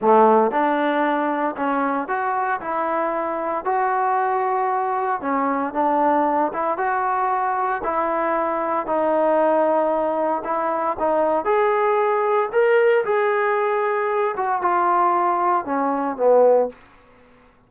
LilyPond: \new Staff \with { instrumentName = "trombone" } { \time 4/4 \tempo 4 = 115 a4 d'2 cis'4 | fis'4 e'2 fis'4~ | fis'2 cis'4 d'4~ | d'8 e'8 fis'2 e'4~ |
e'4 dis'2. | e'4 dis'4 gis'2 | ais'4 gis'2~ gis'8 fis'8 | f'2 cis'4 b4 | }